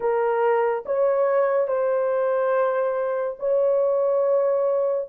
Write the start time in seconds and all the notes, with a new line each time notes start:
0.00 A#4
0.85 C#5
1.67 C5
3.39 C#5